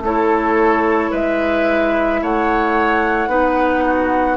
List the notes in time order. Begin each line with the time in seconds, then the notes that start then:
0.00 A3 E4 A4 C#5
1.11 G#3 B4 E5
2.22 A3 C#5 F#5
3.28 B3 D#4 B4
3.85 F#4